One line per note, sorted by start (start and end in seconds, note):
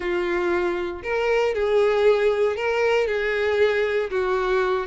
0.00 1.02 F4
1.03 1.54 A#4
1.54 2.56 G#4
2.56 3.07 A#4
3.07 4.10 G#4
4.10 4.86 F#4